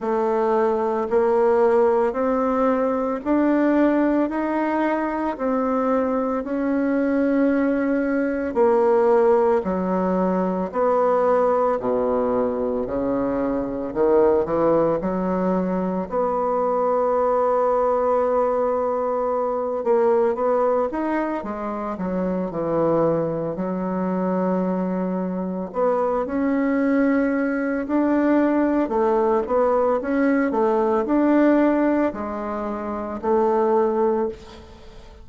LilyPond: \new Staff \with { instrumentName = "bassoon" } { \time 4/4 \tempo 4 = 56 a4 ais4 c'4 d'4 | dis'4 c'4 cis'2 | ais4 fis4 b4 b,4 | cis4 dis8 e8 fis4 b4~ |
b2~ b8 ais8 b8 dis'8 | gis8 fis8 e4 fis2 | b8 cis'4. d'4 a8 b8 | cis'8 a8 d'4 gis4 a4 | }